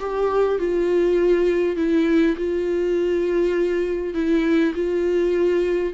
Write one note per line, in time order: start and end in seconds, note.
0.00 0.59 G4
0.59 1.76 F4
1.76 2.36 E4
2.37 4.14 F4
4.14 4.74 E4
4.75 5.94 F4